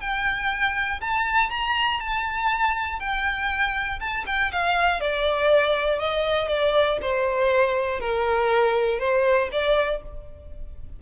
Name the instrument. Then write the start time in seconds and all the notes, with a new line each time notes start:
violin
0.00 G5
1.00 A5
1.50 A#5
2.00 A5
2.99 G5
4.00 A5
4.26 G5
4.52 F5
5.00 D5
5.99 D#5
6.48 D5
7.01 C5
8.00 A#4
8.99 C5
9.51 D5